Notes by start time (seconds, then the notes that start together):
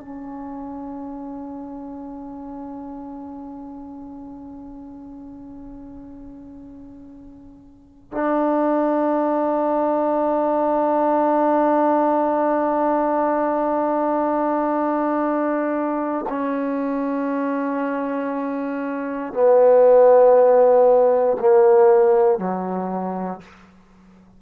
0.00 C#4
8.12 D4
16.29 C#4
19.34 B3
21.40 A#3
22.39 F#3